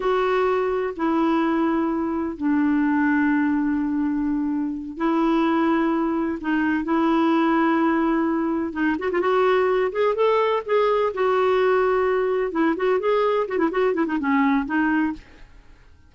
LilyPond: \new Staff \with { instrumentName = "clarinet" } { \time 4/4 \tempo 4 = 127 fis'2 e'2~ | e'4 d'2.~ | d'2~ d'8 e'4.~ | e'4. dis'4 e'4.~ |
e'2~ e'8 dis'8 fis'16 f'16 fis'8~ | fis'4 gis'8 a'4 gis'4 fis'8~ | fis'2~ fis'8 e'8 fis'8 gis'8~ | gis'8 fis'16 e'16 fis'8 e'16 dis'16 cis'4 dis'4 | }